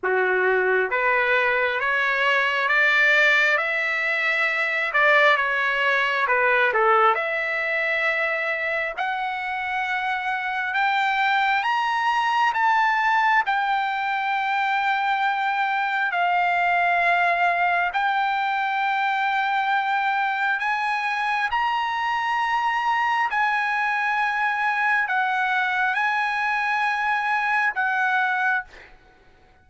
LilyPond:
\new Staff \with { instrumentName = "trumpet" } { \time 4/4 \tempo 4 = 67 fis'4 b'4 cis''4 d''4 | e''4. d''8 cis''4 b'8 a'8 | e''2 fis''2 | g''4 ais''4 a''4 g''4~ |
g''2 f''2 | g''2. gis''4 | ais''2 gis''2 | fis''4 gis''2 fis''4 | }